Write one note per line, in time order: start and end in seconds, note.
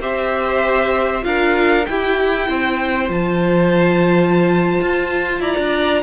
0.00 1.24 C4
0.00 1.22 G4
0.00 1.24 C5
0.00 1.24 E5
1.22 1.86 D4
1.22 1.83 F4
1.22 1.88 A#4
1.22 1.85 F5
1.85 3.09 E4
1.85 2.48 E4
1.85 2.48 G4
1.85 3.09 G5
2.48 3.09 C4
2.48 5.40 C5
3.09 4.79 F3
3.09 6.03 F4
3.09 5.41 A5
4.81 5.40 F4
5.40 5.55 E4
5.40 6.02 D5
5.40 6.03 A#5
5.57 6.03 D4